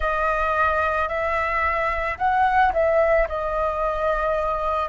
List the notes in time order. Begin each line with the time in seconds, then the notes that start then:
0.00 D#5
1.08 E5
2.18 F#5
2.73 E5
3.28 D#5